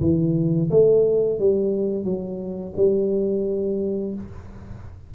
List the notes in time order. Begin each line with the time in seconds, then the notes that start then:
0.00 E3
0.70 A3
1.39 G3
2.04 F#3
2.76 G3